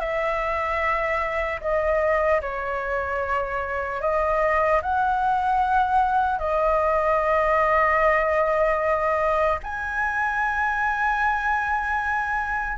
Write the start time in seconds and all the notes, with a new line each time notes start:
0.00 E5
1.61 D#5
2.41 C#5
4.01 D#5
4.82 F#5
6.39 D#5
9.63 G#5